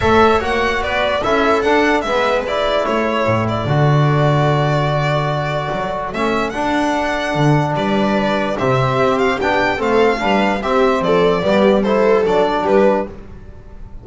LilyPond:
<<
  \new Staff \with { instrumentName = "violin" } { \time 4/4 \tempo 4 = 147 e''4 fis''4 d''4 e''4 | fis''4 e''4 d''4 cis''4~ | cis''8 d''2.~ d''8~ | d''2. e''4 |
fis''2. d''4~ | d''4 e''4. f''8 g''4 | f''2 e''4 d''4~ | d''4 c''4 d''4 b'4 | }
  \new Staff \with { instrumentName = "viola" } { \time 4/4 cis''2 b'4 a'4~ | a'4 b'2 a'4~ | a'1~ | a'1~ |
a'2. b'4~ | b'4 g'2. | a'4 b'4 g'4 a'4 | g'4 a'2 g'4 | }
  \new Staff \with { instrumentName = "trombone" } { \time 4/4 a'4 fis'2 e'4 | d'4 b4 e'2~ | e'4 fis'2.~ | fis'2. cis'4 |
d'1~ | d'4 c'2 d'4 | c'4 d'4 c'2 | b4 e'4 d'2 | }
  \new Staff \with { instrumentName = "double bass" } { \time 4/4 a4 ais4 b4 cis'4 | d'4 gis2 a4 | a,4 d2.~ | d2 fis4 a4 |
d'2 d4 g4~ | g4 c4 c'4 b4 | a4 g4 c'4 f4 | g2 fis4 g4 | }
>>